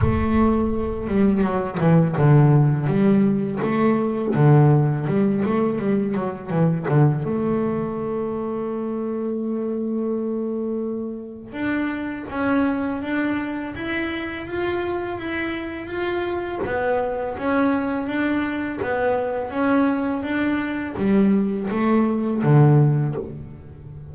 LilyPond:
\new Staff \with { instrumentName = "double bass" } { \time 4/4 \tempo 4 = 83 a4. g8 fis8 e8 d4 | g4 a4 d4 g8 a8 | g8 fis8 e8 d8 a2~ | a1 |
d'4 cis'4 d'4 e'4 | f'4 e'4 f'4 b4 | cis'4 d'4 b4 cis'4 | d'4 g4 a4 d4 | }